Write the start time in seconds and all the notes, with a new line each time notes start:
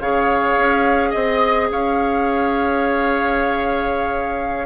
0.00 C#3 G#4 C#5 F5
0.57 C#4
1.10 C4 D#5
1.71 C#4 C#5 F5